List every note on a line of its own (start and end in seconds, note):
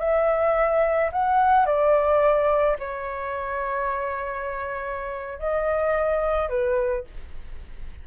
0.00 1.11 E5
1.13 1.66 F#5
1.66 2.78 D5
2.80 5.39 C#5
5.39 6.49 D#5
6.49 7.05 B4